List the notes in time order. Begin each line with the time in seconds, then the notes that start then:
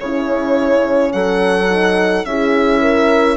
0.00 C#3 C#4 E4 C#5
1.12 F#3 A4 F#5
1.68 D#4
2.25 C#4 E4 G#4 E5
2.81 A#4